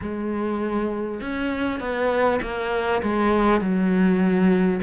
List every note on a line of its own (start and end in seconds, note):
0.01 1.20 G#3
1.20 1.79 C#4
1.79 2.39 B3
2.42 3.02 A#3
3.02 3.61 G#3
3.61 4.81 F#3